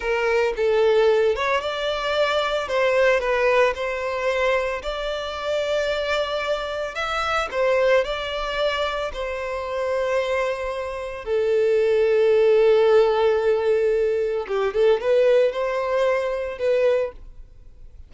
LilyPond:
\new Staff \with { instrumentName = "violin" } { \time 4/4 \tempo 4 = 112 ais'4 a'4. cis''8 d''4~ | d''4 c''4 b'4 c''4~ | c''4 d''2.~ | d''4 e''4 c''4 d''4~ |
d''4 c''2.~ | c''4 a'2.~ | a'2. g'8 a'8 | b'4 c''2 b'4 | }